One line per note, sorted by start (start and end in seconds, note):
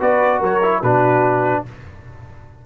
0.00 0.41 B3
0.00 0.61 F#4
0.00 0.40 B4
0.00 0.43 D5
0.40 0.82 F#3
0.40 0.80 A#4
0.40 0.83 C#5
0.62 0.83 E4
0.80 1.64 B2
0.80 1.66 D4
0.80 1.62 F#4
0.80 1.64 B4